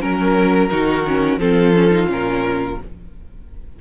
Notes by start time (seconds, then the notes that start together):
0.00 F#3 C#4 A#4
0.71 D#3 D#4 F#4
1.07 C#4
1.37 F3 C4 F4 A4
1.74 C#4
1.91 D#4
2.07 A#2 C#4 A#4